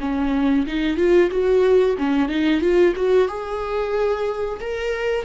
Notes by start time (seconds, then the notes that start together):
0.00 C#4
0.66 D#4
0.97 F4
1.30 F#4
1.98 C#4
2.28 D#4
2.60 F4
2.96 F#4
3.28 G#4
4.60 A#4